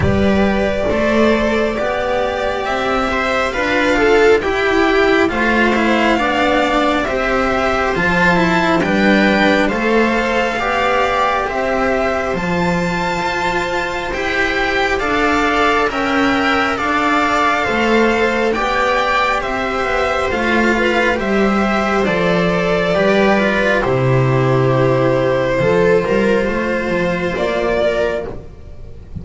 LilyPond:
<<
  \new Staff \with { instrumentName = "violin" } { \time 4/4 \tempo 4 = 68 d''2. e''4 | f''4 g''4 f''2 | e''4 a''4 g''4 f''4~ | f''4 e''4 a''2 |
g''4 f''4 g''4 f''4~ | f''4 g''4 e''4 f''4 | e''4 d''2 c''4~ | c''2. d''4 | }
  \new Staff \with { instrumentName = "viola" } { \time 4/4 b'4 c''4 d''4. c''8 | b'8 a'8 g'4 c''4 d''4 | c''2 b'4 c''4 | d''4 c''2.~ |
c''4 d''4 e''4 d''4 | c''4 d''4 c''4. b'8 | c''2 b'4 g'4~ | g'4 a'8 ais'8 c''4. ais'8 | }
  \new Staff \with { instrumentName = "cello" } { \time 4/4 g'4 a'4 g'2 | f'4 e'4 f'8 e'8 d'4 | g'4 f'8 e'8 d'4 a'4 | g'2 f'2 |
g'4 a'4 ais'4 a'4~ | a'4 g'2 f'4 | g'4 a'4 g'8 f'8 e'4~ | e'4 f'2. | }
  \new Staff \with { instrumentName = "double bass" } { \time 4/4 g4 a4 b4 c'4 | d'4 e'4 a4 b4 | c'4 f4 g4 a4 | b4 c'4 f4 f'4 |
e'4 d'4 cis'4 d'4 | a4 b4 c'8 b8 a4 | g4 f4 g4 c4~ | c4 f8 g8 a8 f8 ais4 | }
>>